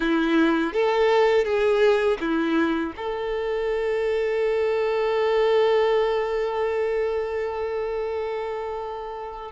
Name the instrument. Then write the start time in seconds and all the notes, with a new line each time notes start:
violin
0.00 E4
0.73 A4
1.44 G#4
2.20 E4
2.96 A4